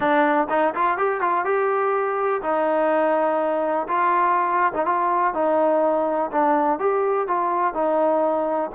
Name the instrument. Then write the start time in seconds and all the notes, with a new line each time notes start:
trombone
0.00 D4
0.49 D#4
0.74 F4
0.97 G4
1.21 F4
1.45 G4
2.42 D#4
3.88 F4
4.73 D#4
4.85 F4
5.34 D#4
6.31 D4
6.79 G4
7.27 F4
7.74 D#4